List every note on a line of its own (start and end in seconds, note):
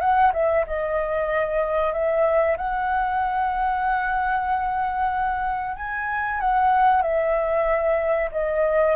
0.00 0.32 F#5
0.33 0.65 E5
0.66 1.93 D#5
1.93 2.56 E5
2.57 5.76 F#5
5.76 6.40 G#5
6.40 7.02 F#5
7.02 8.29 E5
8.32 8.95 D#5